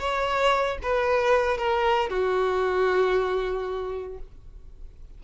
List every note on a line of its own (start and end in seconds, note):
0.00 0.78 C#5
0.83 1.58 B4
1.58 2.10 A#4
2.10 4.18 F#4